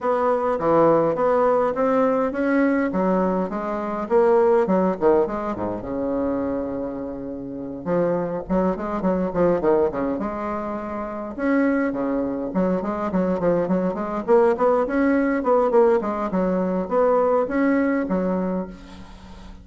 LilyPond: \new Staff \with { instrumentName = "bassoon" } { \time 4/4 \tempo 4 = 103 b4 e4 b4 c'4 | cis'4 fis4 gis4 ais4 | fis8 dis8 gis8 gis,8 cis2~ | cis4. f4 fis8 gis8 fis8 |
f8 dis8 cis8 gis2 cis'8~ | cis'8 cis4 fis8 gis8 fis8 f8 fis8 | gis8 ais8 b8 cis'4 b8 ais8 gis8 | fis4 b4 cis'4 fis4 | }